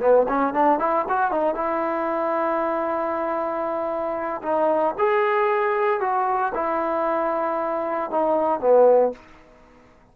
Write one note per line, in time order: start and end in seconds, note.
0.00 0.26 B3
0.28 0.53 C#4
0.53 0.79 D4
0.79 1.05 E4
1.08 1.31 F#4
1.31 1.55 D#4
1.55 4.42 E4
4.42 4.94 D#4
4.98 6.00 G#4
6.00 6.52 F#4
6.54 8.11 E4
8.11 8.60 D#4
8.60 9.12 B3